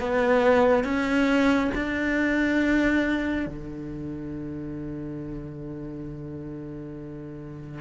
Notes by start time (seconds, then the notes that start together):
0.00 B3
0.85 C#4
1.75 D4
3.47 D3